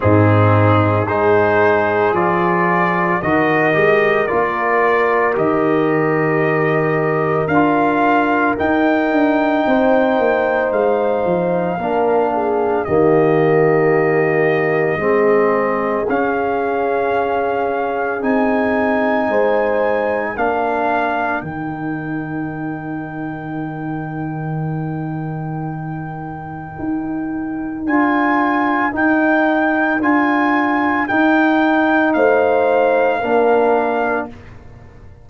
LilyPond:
<<
  \new Staff \with { instrumentName = "trumpet" } { \time 4/4 \tempo 4 = 56 gis'4 c''4 d''4 dis''4 | d''4 dis''2 f''4 | g''2 f''2 | dis''2. f''4~ |
f''4 gis''2 f''4 | g''1~ | g''2 gis''4 g''4 | gis''4 g''4 f''2 | }
  \new Staff \with { instrumentName = "horn" } { \time 4/4 dis'4 gis'2 ais'4~ | ais'1~ | ais'4 c''2 ais'8 gis'8 | g'2 gis'2~ |
gis'2 c''4 ais'4~ | ais'1~ | ais'1~ | ais'2 c''4 ais'4 | }
  \new Staff \with { instrumentName = "trombone" } { \time 4/4 c'4 dis'4 f'4 fis'8 g'8 | f'4 g'2 f'4 | dis'2. d'4 | ais2 c'4 cis'4~ |
cis'4 dis'2 d'4 | dis'1~ | dis'2 f'4 dis'4 | f'4 dis'2 d'4 | }
  \new Staff \with { instrumentName = "tuba" } { \time 4/4 gis,4 gis4 f4 dis8 gis8 | ais4 dis2 d'4 | dis'8 d'8 c'8 ais8 gis8 f8 ais4 | dis2 gis4 cis'4~ |
cis'4 c'4 gis4 ais4 | dis1~ | dis4 dis'4 d'4 dis'4 | d'4 dis'4 a4 ais4 | }
>>